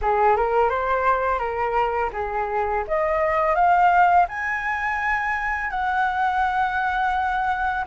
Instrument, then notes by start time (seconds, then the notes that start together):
flute
0.01 G#4
0.36 A#4
0.69 C5
1.38 A#4
2.12 G#4
2.87 D#5
3.55 F5
4.28 G#5
5.70 F#5